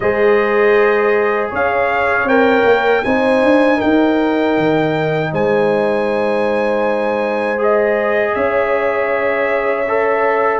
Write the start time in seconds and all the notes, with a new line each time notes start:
0.00 G#3 G#4 C5 D#5
1.50 C#4 C#5 F5
2.23 C4 A#4 G5
2.64 A#3
3.04 C4 D#4 C5 G#5
3.42 D4
3.77 A#4 G5
3.83 D#4
4.57 D#3
5.32 G#3 C5 G#5
7.57 G#4 D#5
8.34 C#4 C#5 E5
9.88 A4